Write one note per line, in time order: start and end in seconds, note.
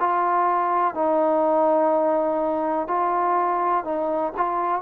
0.00 0.95 F4
0.95 2.88 D#4
2.88 3.84 F4
3.84 4.33 D#4
4.37 4.82 F4